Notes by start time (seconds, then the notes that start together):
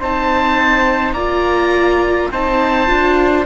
0.00 C4 D#4 C5 A5
1.12 A#3 F4 D5 A#5
2.32 C4 D#4 C5 A5
2.87 D4 F4